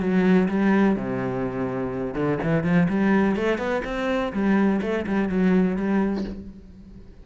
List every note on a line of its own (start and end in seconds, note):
0.00 0.48 F#3
0.48 0.96 G3
0.96 2.14 C3
2.14 2.38 D3
2.43 2.64 E3
2.64 2.88 F3
2.89 3.36 G3
3.36 3.58 A3
3.58 3.82 B3
3.84 4.32 C4
4.33 4.81 G3
4.82 5.06 A3
5.06 5.29 G3
5.29 5.76 F#3
5.76 6.24 G3